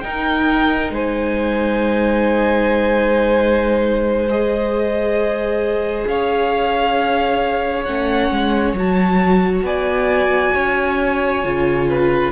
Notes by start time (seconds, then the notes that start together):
0.00 D#4 A#4 G5
0.90 G#3 C5 G#5
4.29 G#4 D#5
6.08 C#4 C#5 F5
7.84 A3 C#4 F#5
8.31 G#3
8.74 F#3 F#4 A5
9.63 B3 D5 G#5
10.54 C#4 C#5
11.44 C#3 F4
11.89 B4